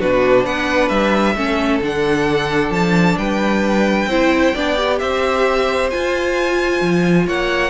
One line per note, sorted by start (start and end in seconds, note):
0.00 0.46 B2
0.00 1.37 D4
0.00 0.44 F#4
0.00 0.46 B4
0.44 0.90 B3
0.44 1.35 B4
0.44 0.89 F#5
0.89 1.36 G3
0.89 1.80 E5
1.36 1.81 A3
1.36 1.82 C#4
1.36 3.18 A4
1.82 2.70 D3
1.82 4.10 D4
1.82 2.73 F#5
2.70 3.16 F3
2.70 3.18 A5
3.18 4.07 G3
3.18 4.10 B4
3.18 4.99 G5
4.07 4.52 C4
4.07 4.56 E4
4.07 4.54 C5
4.54 5.02 B3
4.54 4.77 D4
4.54 5.00 D5
4.77 5.91 G4
4.99 5.93 C4
4.99 7.27 C5
4.99 5.90 E5
5.91 7.71 F4
5.91 6.82 F4
5.91 7.27 G#5
6.82 7.27 F3
7.27 7.71 A#3
7.27 7.71 C#5
7.27 7.71 F#5